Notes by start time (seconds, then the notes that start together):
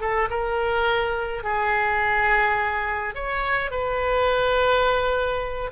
0.00 A4
0.30 A#4
1.44 G#4
3.15 C#5
3.71 B4